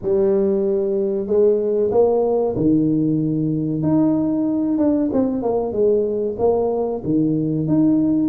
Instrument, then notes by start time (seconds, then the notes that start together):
tuba
0.02 G3
1.26 G#3
1.91 A#3
2.56 D#3
3.82 D#4
4.78 D4
5.12 C4
5.42 A#3
5.72 G#3
6.38 A#3
7.04 D#3
7.67 D#4